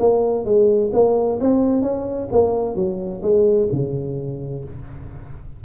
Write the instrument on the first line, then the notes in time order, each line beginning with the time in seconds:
tuba
0.00 A#3
0.45 G#3
0.93 A#3
1.41 C4
1.83 C#4
2.32 A#3
2.76 F#3
3.23 G#3
3.72 C#3